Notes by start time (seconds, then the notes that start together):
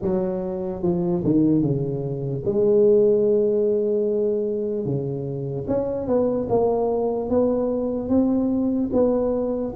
0.01 F#3
0.82 F3
1.24 D#3
1.62 C#3
2.45 G#3
4.85 C#3
5.67 C#4
6.07 B3
6.49 A#3
7.29 B3
8.09 C4
8.92 B3